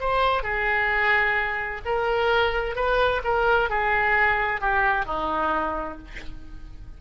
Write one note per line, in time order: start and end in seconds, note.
0.00 0.43 C5
0.43 1.81 G#4
1.85 2.75 A#4
2.75 3.22 B4
3.24 3.70 A#4
3.70 4.61 G#4
4.61 5.05 G4
5.05 5.98 D#4